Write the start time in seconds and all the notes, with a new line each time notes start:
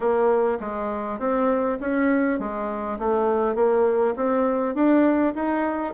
0.00 A#3
0.59 G#3
1.19 C4
1.80 C#4
2.39 G#3
2.98 A3
3.55 A#3
4.16 C4
4.74 D4
5.34 D#4